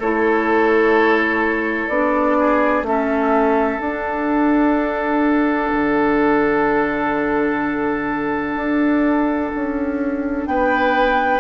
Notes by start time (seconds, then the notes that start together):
0.00 A3 E4 A4 C#5
1.89 B3 D4 D5
2.39 G#4
2.83 A3 C#4 A4 E5
3.80 D4 F#5
5.73 D3
8.56 D4
9.56 C#4
10.46 B3 B4 G5